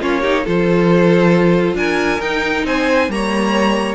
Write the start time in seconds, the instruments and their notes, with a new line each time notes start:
0.00 cello A#3, viola C#4, violin F4 C#5
0.21 viola D#4, violin G4
0.43 cello F3, viola F4, violin A4 C5
1.75 cello D4, violin A#4 G#5
2.20 cello D#4, viola D#4, violin G5
2.64 cello C4, violin C5 G#5
3.08 cello G3, viola A#3, violin C#5 A#5